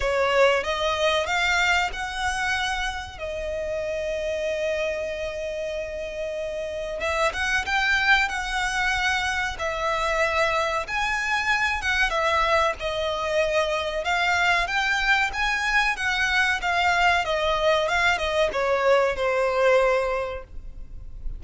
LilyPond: \new Staff \with { instrumentName = "violin" } { \time 4/4 \tempo 4 = 94 cis''4 dis''4 f''4 fis''4~ | fis''4 dis''2.~ | dis''2. e''8 fis''8 | g''4 fis''2 e''4~ |
e''4 gis''4. fis''8 e''4 | dis''2 f''4 g''4 | gis''4 fis''4 f''4 dis''4 | f''8 dis''8 cis''4 c''2 | }